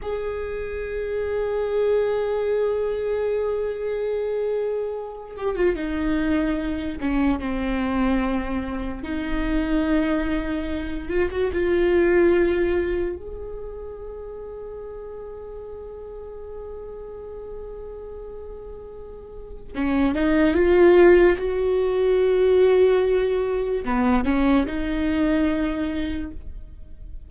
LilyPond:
\new Staff \with { instrumentName = "viola" } { \time 4/4 \tempo 4 = 73 gis'1~ | gis'2~ gis'8 g'16 f'16 dis'4~ | dis'8 cis'8 c'2 dis'4~ | dis'4. f'16 fis'16 f'2 |
gis'1~ | gis'1 | cis'8 dis'8 f'4 fis'2~ | fis'4 b8 cis'8 dis'2 | }